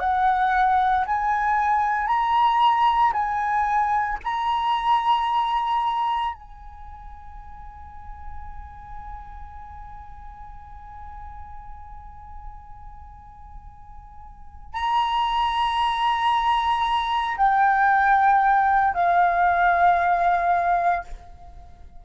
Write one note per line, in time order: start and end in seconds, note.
0.00 1.05 F#5
1.07 2.08 G#5
2.08 3.13 A#5
3.13 4.19 G#5
4.24 6.35 A#5
6.35 14.74 G#5
14.74 17.37 A#5
17.38 18.94 G5
18.94 21.05 F5